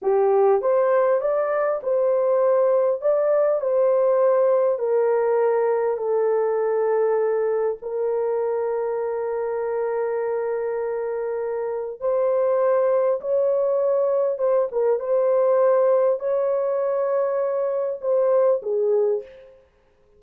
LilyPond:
\new Staff \with { instrumentName = "horn" } { \time 4/4 \tempo 4 = 100 g'4 c''4 d''4 c''4~ | c''4 d''4 c''2 | ais'2 a'2~ | a'4 ais'2.~ |
ais'1 | c''2 cis''2 | c''8 ais'8 c''2 cis''4~ | cis''2 c''4 gis'4 | }